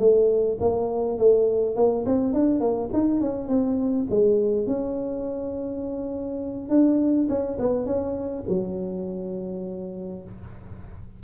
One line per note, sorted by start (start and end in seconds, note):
0.00 0.58 A3
0.61 1.19 A#3
1.19 1.76 A3
1.76 2.05 A#3
2.06 2.34 C4
2.34 2.61 D4
2.61 2.90 A#3
2.93 3.21 D#4
3.21 3.49 C#4
3.49 4.07 C4
4.10 4.67 G#3
4.67 6.70 C#4
6.70 7.28 D4
7.29 7.58 C#4
7.60 7.86 B3
7.86 8.44 C#4
8.49 10.24 F#3